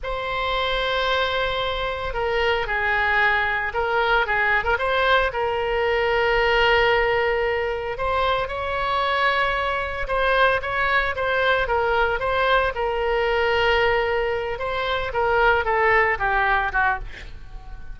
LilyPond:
\new Staff \with { instrumentName = "oboe" } { \time 4/4 \tempo 4 = 113 c''1 | ais'4 gis'2 ais'4 | gis'8. ais'16 c''4 ais'2~ | ais'2. c''4 |
cis''2. c''4 | cis''4 c''4 ais'4 c''4 | ais'2.~ ais'8 c''8~ | c''8 ais'4 a'4 g'4 fis'8 | }